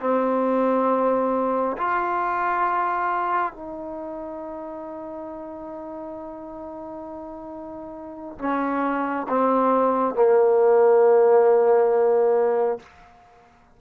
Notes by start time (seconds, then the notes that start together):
0.00 C4
1.77 F4
3.53 D#4
8.39 C#4
9.28 C4
10.15 A#3